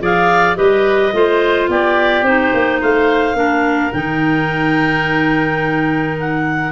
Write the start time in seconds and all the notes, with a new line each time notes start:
0.00 F3 G#4 D5 F5
0.56 G3 G4 B4 D#5
1.12 A3 F4 C5
1.68 B3 G4 D5
2.22 C4 D#4 C5
2.54 A#3
2.80 A3 C5 F5
3.34 A#3 D4 A#4
3.93 D#3 D#4 G5
6.20 F#5